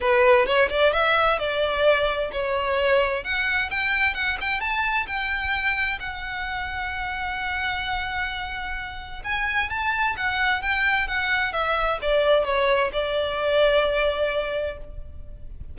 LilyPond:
\new Staff \with { instrumentName = "violin" } { \time 4/4 \tempo 4 = 130 b'4 cis''8 d''8 e''4 d''4~ | d''4 cis''2 fis''4 | g''4 fis''8 g''8 a''4 g''4~ | g''4 fis''2.~ |
fis''1 | gis''4 a''4 fis''4 g''4 | fis''4 e''4 d''4 cis''4 | d''1 | }